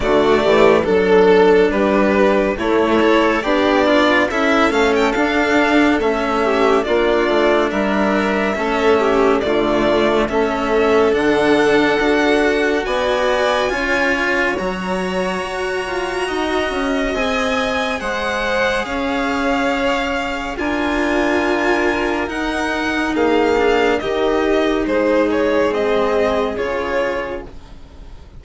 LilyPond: <<
  \new Staff \with { instrumentName = "violin" } { \time 4/4 \tempo 4 = 70 d''4 a'4 b'4 cis''4 | d''4 e''8 f''16 g''16 f''4 e''4 | d''4 e''2 d''4 | e''4 fis''2 gis''4~ |
gis''4 ais''2. | gis''4 fis''4 f''2 | gis''2 fis''4 f''4 | dis''4 c''8 cis''8 dis''4 cis''4 | }
  \new Staff \with { instrumentName = "violin" } { \time 4/4 fis'8 g'8 a'4 g'4 e'4 | d'4 a'2~ a'8 g'8 | f'4 ais'4 a'8 g'8 f'4 | a'2. d''4 |
cis''2. dis''4~ | dis''4 c''4 cis''2 | ais'2. gis'4 | g'4 gis'2. | }
  \new Staff \with { instrumentName = "cello" } { \time 4/4 a4 d'2 a8 a'8 | g'8 f'8 e'8 cis'8 d'4 cis'4 | d'2 cis'4 a4 | cis'4 d'4 fis'2 |
f'4 fis'2. | gis'1 | f'2 dis'4. d'8 | dis'2 c'4 f'4 | }
  \new Staff \with { instrumentName = "bassoon" } { \time 4/4 d8 e8 fis4 g4 a4 | b4 cis'8 a8 d'4 a4 | ais8 a8 g4 a4 d4 | a4 d4 d'4 b4 |
cis'4 fis4 fis'8 f'8 dis'8 cis'8 | c'4 gis4 cis'2 | d'2 dis'4 ais4 | dis4 gis2 cis4 | }
>>